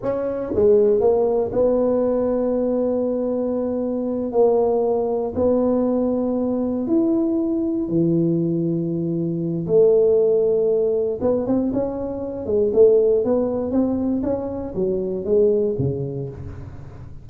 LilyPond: \new Staff \with { instrumentName = "tuba" } { \time 4/4 \tempo 4 = 118 cis'4 gis4 ais4 b4~ | b1~ | b8 ais2 b4.~ | b4. e'2 e8~ |
e2. a4~ | a2 b8 c'8 cis'4~ | cis'8 gis8 a4 b4 c'4 | cis'4 fis4 gis4 cis4 | }